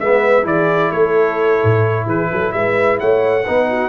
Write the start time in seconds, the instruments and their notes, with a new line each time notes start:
0.00 tuba G#3, trombone B3, horn B4, trumpet E5
0.43 tuba E3, trombone E4, horn G#4, trumpet D5
0.91 tuba A3, horn A4, trumpet C#5
1.64 tuba A2
2.06 tuba E3, horn G#4, trumpet B4
2.32 tuba F#3, horn A4
2.52 tuba G#3, horn B4, trumpet E5
3.00 tuba A3, horn C#5, trumpet F#5
3.44 tuba B3, trombone D#4, horn B4
3.70 horn F#4